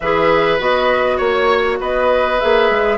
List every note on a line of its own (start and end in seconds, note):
0.00 0.59 E3
0.00 0.58 G#4
0.00 1.17 B4
0.00 0.59 E5
0.58 1.19 B3
0.58 2.38 F#4
0.58 1.17 D#5
1.17 1.79 A#3
1.17 1.77 C#5
1.79 2.40 B3
1.79 2.98 B4
1.79 2.39 D#5
2.39 2.70 A#3
2.39 2.98 G#4
2.39 2.98 E5
2.70 2.98 G#3